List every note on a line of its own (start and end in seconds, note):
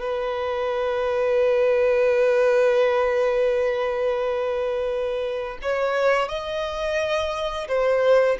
0.00 5.58 B4
5.62 6.28 C#5
6.28 7.68 D#5
7.68 8.38 C5